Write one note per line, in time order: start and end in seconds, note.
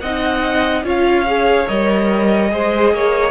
0.00 0.84 C4
0.00 0.84 D#4
0.00 0.85 D#5
0.00 0.83 F#5
0.84 1.67 C#4
0.84 1.26 F4
0.84 2.52 C#5
0.84 1.68 F5
1.27 1.68 G#4
1.68 2.52 G3
1.68 2.50 A#4
1.68 3.31 D#5
2.50 2.93 G#3
2.50 3.31 G#4
2.50 2.94 C5
2.93 3.31 A#3
2.93 3.31 C#5